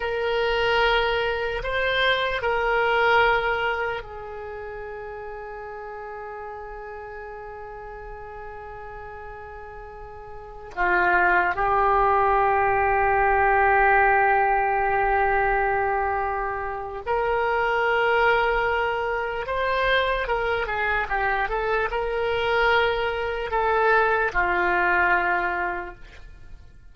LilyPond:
\new Staff \with { instrumentName = "oboe" } { \time 4/4 \tempo 4 = 74 ais'2 c''4 ais'4~ | ais'4 gis'2.~ | gis'1~ | gis'4~ gis'16 f'4 g'4.~ g'16~ |
g'1~ | g'4 ais'2. | c''4 ais'8 gis'8 g'8 a'8 ais'4~ | ais'4 a'4 f'2 | }